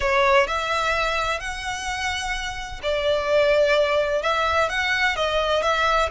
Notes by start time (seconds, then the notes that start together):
0.00 C#5
0.47 E5
1.40 F#5
2.82 D5
4.22 E5
4.69 F#5
5.16 D#5
5.62 E5